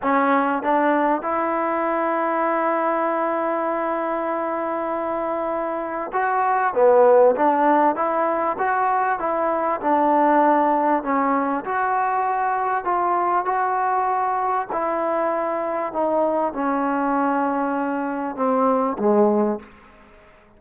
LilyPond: \new Staff \with { instrumentName = "trombone" } { \time 4/4 \tempo 4 = 98 cis'4 d'4 e'2~ | e'1~ | e'2 fis'4 b4 | d'4 e'4 fis'4 e'4 |
d'2 cis'4 fis'4~ | fis'4 f'4 fis'2 | e'2 dis'4 cis'4~ | cis'2 c'4 gis4 | }